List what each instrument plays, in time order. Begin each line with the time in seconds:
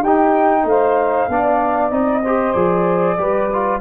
0.00 tuba D#4, trombone D#4, saxophone G4, flute G5
0.64 tuba A3, saxophone C5, flute F5
1.28 tuba B3, trombone D4, saxophone D5
1.90 tuba C4, trombone D#4, flute D#5
2.21 trombone G4, saxophone C5
2.52 tuba F3, trombone G#4, flute D5
3.17 tuba G3, trombone G4, saxophone B4
3.52 trombone F4